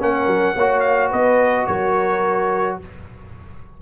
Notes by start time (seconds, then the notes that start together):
0.00 A#3 C#4 A#4 F#5
0.27 F#3
0.56 A#3 F#4 C#5
0.81 F5
1.10 B3 B4 D#5
1.67 F#3 A#4 C#5